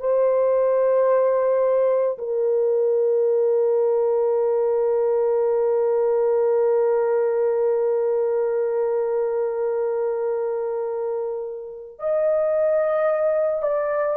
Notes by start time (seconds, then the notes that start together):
0.00 C5
2.19 A#4
12.00 D#5
13.63 D5